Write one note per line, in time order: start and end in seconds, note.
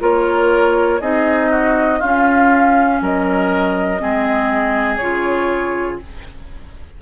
0.00 1.01 A#3
0.00 1.00 F4
0.00 1.01 A#4
0.00 1.01 C#5
1.01 2.01 C4
1.01 2.01 D#4
1.01 1.51 G#4
1.01 2.01 D#5
1.51 1.99 F#4
1.99 3.01 C#4
1.99 3.99 C#4
1.99 2.99 F4
1.99 3.01 F5
3.01 4.01 F#3
3.01 4.02 A#4
3.01 4.97 D#5
3.99 4.99 G#3
3.99 4.99 C4
3.99 6.02 G#4
4.97 5.99 C#3
4.97 6.01 F4
4.97 5.97 C#5